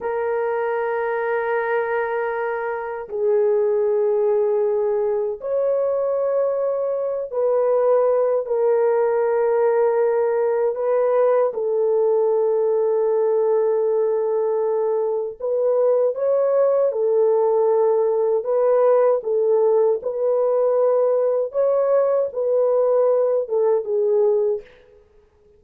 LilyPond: \new Staff \with { instrumentName = "horn" } { \time 4/4 \tempo 4 = 78 ais'1 | gis'2. cis''4~ | cis''4. b'4. ais'4~ | ais'2 b'4 a'4~ |
a'1 | b'4 cis''4 a'2 | b'4 a'4 b'2 | cis''4 b'4. a'8 gis'4 | }